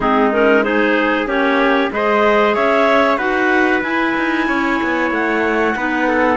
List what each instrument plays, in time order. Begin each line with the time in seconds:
0.00 cello G#3, clarinet C4 G#4, trumpet D#4
0.32 clarinet C#4 A#4
0.63 clarinet D#4 C5, trumpet G#4
1.25 cello A#3, clarinet C#4 C#5, trumpet G4
1.91 cello G#3, clarinet G#4 D#5, trumpet C5
2.54 cello C#4, trumpet C#5, clarinet E5
3.17 cello D#4, clarinet F#4 F#5, trumpet B4
3.82 cello E4, clarinet E4 G#5
4.17 cello D#4
4.48 cello C#4, trumpet C#5
4.82 cello B3
5.11 cello A3, clarinet F#5
5.76 cello B3, clarinet D#4, trumpet B4
6.08 trumpet A4